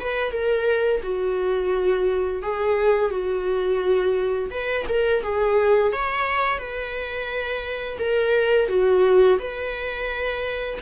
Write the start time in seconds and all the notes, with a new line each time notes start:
0.00 B4
0.32 A#4
1.03 F#4
2.43 G#4
3.10 F#4
4.51 B4
4.88 A#4
5.23 G#4
5.92 C#5
6.58 B4
7.99 A#4
8.69 F#4
9.39 B4